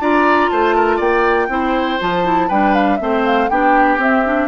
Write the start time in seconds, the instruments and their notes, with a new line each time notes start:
0.00 bassoon D4, clarinet F4, oboe D5, flute A#5
0.50 bassoon A3, oboe C5, flute A5
0.76 oboe A#4
0.97 bassoon A#3, oboe D5, flute G5
1.48 bassoon C4, clarinet E4, oboe C5
2.00 bassoon F3, clarinet F4, flute A5
2.24 clarinet E4
2.48 bassoon G3, clarinet D4, oboe B4, flute G5
2.74 flute F5
2.96 bassoon A3, clarinet C4, flute E5
3.03 oboe C5
3.25 flute F5
3.49 bassoon B3, clarinet D4, oboe G4, flute G5
3.98 bassoon C4, clarinet C4, flute E5
4.25 clarinet D4